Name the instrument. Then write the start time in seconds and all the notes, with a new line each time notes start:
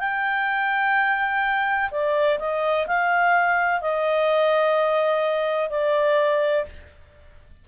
clarinet
0.00 G5
1.91 D5
2.39 D#5
2.87 F5
3.82 D#5
5.71 D5